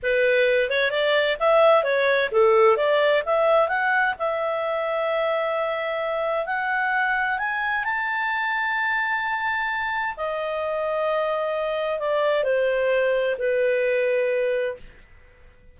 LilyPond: \new Staff \with { instrumentName = "clarinet" } { \time 4/4 \tempo 4 = 130 b'4. cis''8 d''4 e''4 | cis''4 a'4 d''4 e''4 | fis''4 e''2.~ | e''2 fis''2 |
gis''4 a''2.~ | a''2 dis''2~ | dis''2 d''4 c''4~ | c''4 b'2. | }